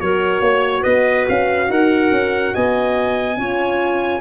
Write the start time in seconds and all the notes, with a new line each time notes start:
0.00 F#3 F#4 A#4 C#5
0.41 A#3 C#5
0.82 B3 B4 D#5
1.29 C#4 F5
1.70 D#4 A#4 F#5
2.12 C#4
2.54 B3 D#5 G#5
3.38 C#4 F4 C#5